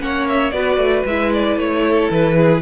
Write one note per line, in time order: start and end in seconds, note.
0.00 0.53 A#3
0.00 0.52 C#4
0.00 0.55 C#5
0.00 0.28 F#5
0.29 0.51 E5
0.51 0.77 B3
0.51 1.06 F#4
0.51 1.85 B4
0.51 1.04 D5
0.77 1.03 A3
1.06 1.57 G#3
1.06 2.62 E4
1.06 1.33 E5
1.33 1.59 D5
1.57 2.09 A3
1.57 2.11 C#5
1.87 2.37 A4
2.11 2.62 E3
2.11 2.62 B4
2.37 2.62 G#4